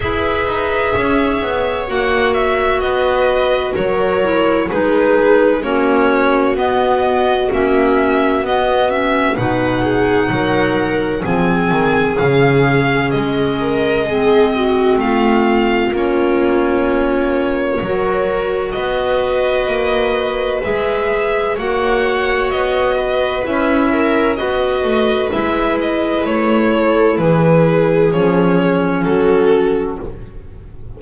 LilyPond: <<
  \new Staff \with { instrumentName = "violin" } { \time 4/4 \tempo 4 = 64 e''2 fis''8 e''8 dis''4 | cis''4 b'4 cis''4 dis''4 | e''4 dis''8 e''8 fis''2 | gis''4 f''4 dis''2 |
f''4 cis''2. | dis''2 e''4 fis''4 | dis''4 e''4 dis''4 e''8 dis''8 | cis''4 b'4 cis''4 a'4 | }
  \new Staff \with { instrumentName = "viola" } { \time 4/4 b'4 cis''2 b'4 | ais'4 gis'4 fis'2~ | fis'2 b'8 gis'8 ais'4 | gis'2~ gis'8 ais'8 gis'8 fis'8 |
f'2. ais'4 | b'2. cis''4~ | cis''8 b'4 ais'8 b'2~ | b'8 a'8 gis'2 fis'4 | }
  \new Staff \with { instrumentName = "clarinet" } { \time 4/4 gis'2 fis'2~ | fis'8 e'8 dis'4 cis'4 b4 | cis'4 b8 cis'8 dis'2 | c'4 cis'2 c'4~ |
c'4 cis'2 fis'4~ | fis'2 gis'4 fis'4~ | fis'4 e'4 fis'4 e'4~ | e'2 cis'2 | }
  \new Staff \with { instrumentName = "double bass" } { \time 4/4 e'8 dis'8 cis'8 b8 ais4 b4 | fis4 gis4 ais4 b4 | ais4 b4 b,4 fis4 | f8 dis8 cis4 gis2 |
a4 ais2 fis4 | b4 ais4 gis4 ais4 | b4 cis'4 b8 a8 gis4 | a4 e4 f4 fis4 | }
>>